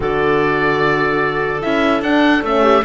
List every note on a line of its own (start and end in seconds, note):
0.00 1.62 D3
0.00 1.61 F#4
0.00 2.62 A4
0.00 1.61 D5
1.61 2.01 C#4
1.61 2.02 E4
1.61 2.02 E5
2.01 2.42 D4
2.01 2.43 D4
2.01 2.43 F#5
2.42 2.82 A3
2.42 2.84 C#4
2.42 2.84 E5
2.62 2.82 G4